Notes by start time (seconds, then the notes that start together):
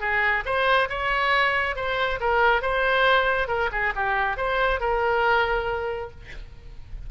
0.00 G#4
0.45 C5
0.89 C#5
1.76 C5
2.20 A#4
2.62 C5
3.48 A#4
3.72 G#4
3.95 G4
4.37 C5
4.80 A#4